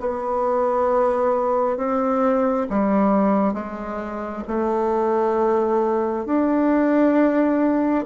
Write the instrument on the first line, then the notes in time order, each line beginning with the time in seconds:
bassoon
0.00 B3
1.77 C4
2.69 G3
3.54 G#3
4.47 A3
6.26 D4